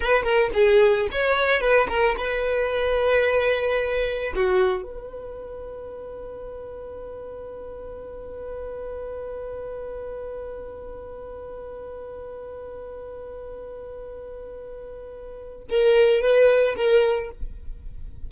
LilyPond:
\new Staff \with { instrumentName = "violin" } { \time 4/4 \tempo 4 = 111 b'8 ais'8 gis'4 cis''4 b'8 ais'8 | b'1 | fis'4 b'2.~ | b'1~ |
b'1~ | b'1~ | b'1~ | b'4 ais'4 b'4 ais'4 | }